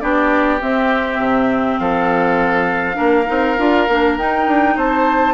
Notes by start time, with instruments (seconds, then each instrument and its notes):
0.00 bassoon B3, clarinet D4, oboe G4, flute D5
0.60 clarinet C4, bassoon C4, flute E5
1.18 bassoon C3
1.78 bassoon F3, oboe A4, flute F5
2.94 bassoon A#3, clarinet D4, oboe A#4
3.26 bassoon C4, clarinet D#4
3.58 bassoon D4, clarinet F4
3.88 bassoon A#3, clarinet D4
4.18 bassoon D#4, clarinet D#4, flute G5
4.47 bassoon D4
4.76 bassoon C4, oboe C5, flute A5